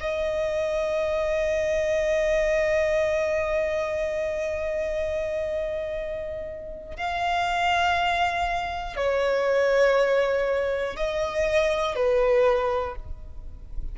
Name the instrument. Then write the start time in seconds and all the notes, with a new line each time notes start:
violin
0.00 D#5
6.96 F5
8.96 C#5
10.96 D#5
11.95 B4